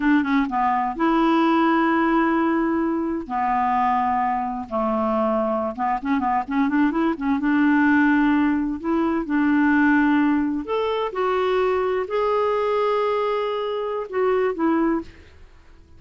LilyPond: \new Staff \with { instrumentName = "clarinet" } { \time 4/4 \tempo 4 = 128 d'8 cis'8 b4 e'2~ | e'2. b4~ | b2 a2~ | a16 b8 cis'8 b8 cis'8 d'8 e'8 cis'8 d'16~ |
d'2~ d'8. e'4 d'16~ | d'2~ d'8. a'4 fis'16~ | fis'4.~ fis'16 gis'2~ gis'16~ | gis'2 fis'4 e'4 | }